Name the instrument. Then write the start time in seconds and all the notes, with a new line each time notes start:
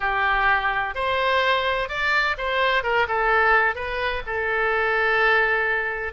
oboe
0.00 G4
0.94 C5
1.88 D5
2.37 C5
2.83 A#4
3.08 A4
3.75 B4
4.26 A4